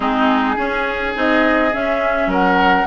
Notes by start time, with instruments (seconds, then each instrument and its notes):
0.00 bassoon G#3, clarinet C4, oboe D#4, flute G#4
0.55 clarinet C#4, bassoon C#4, oboe G#4
1.14 bassoon C4, clarinet D#4, flute D#5
1.72 clarinet C#4, bassoon C#4, flute E5
2.26 bassoon F#3, oboe A#4, flute F#5